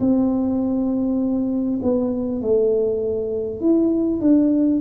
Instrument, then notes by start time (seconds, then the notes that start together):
tuba
0.00 C4
1.83 B3
2.42 A3
3.61 E4
4.21 D4